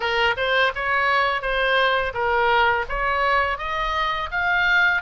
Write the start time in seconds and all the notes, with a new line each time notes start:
0.00 A#4
0.36 C5
0.75 C#5
1.41 C5
2.14 A#4
2.89 C#5
3.57 D#5
4.31 F5